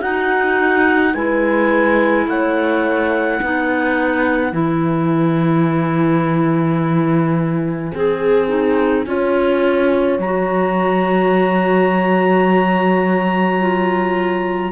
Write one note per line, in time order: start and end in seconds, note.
0.00 1.14 D#4
0.00 1.15 D#4
0.00 1.13 F#4
0.00 1.14 F#5
1.14 2.26 G#3
1.14 3.41 E4
1.14 2.27 B4
1.14 2.27 G#5
2.26 3.39 A3
2.26 3.41 C#5
2.26 4.54 F#5
3.41 4.52 B3
3.41 4.51 D#4
3.41 7.92 B4
4.51 7.92 E3
4.51 7.91 E4
4.51 10.20 G#5
7.92 9.06 C4
7.92 9.05 G#4
7.92 8.48 G#4
8.48 9.04 D#4
9.06 10.18 C#4
9.06 10.19 F4
9.06 14.72 C#5
10.18 14.71 F#3
10.18 13.59 F#4
10.18 14.72 A#5
13.59 14.72 F4